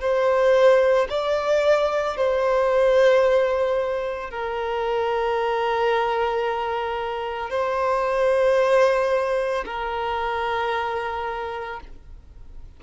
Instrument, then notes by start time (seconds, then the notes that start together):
violin
0.00 C5
1.09 D5
2.16 C5
4.30 A#4
7.50 C5
9.65 A#4